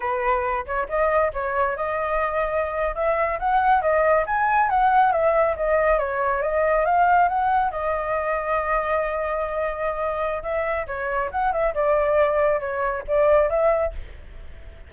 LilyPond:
\new Staff \with { instrumentName = "flute" } { \time 4/4 \tempo 4 = 138 b'4. cis''8 dis''4 cis''4 | dis''2~ dis''8. e''4 fis''16~ | fis''8. dis''4 gis''4 fis''4 e''16~ | e''8. dis''4 cis''4 dis''4 f''16~ |
f''8. fis''4 dis''2~ dis''16~ | dis''1 | e''4 cis''4 fis''8 e''8 d''4~ | d''4 cis''4 d''4 e''4 | }